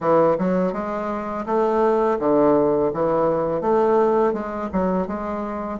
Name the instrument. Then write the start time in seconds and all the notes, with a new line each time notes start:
bassoon
0.00 E3
0.38 F#3
0.72 G#3
1.46 A3
2.19 D3
2.93 E3
3.61 A3
4.33 G#3
4.72 F#3
5.07 G#3